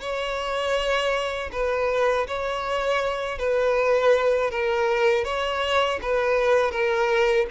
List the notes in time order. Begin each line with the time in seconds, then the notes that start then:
0.00 C#5
1.52 B4
2.27 C#5
3.38 B4
4.50 A#4
5.24 C#5
6.02 B4
6.71 A#4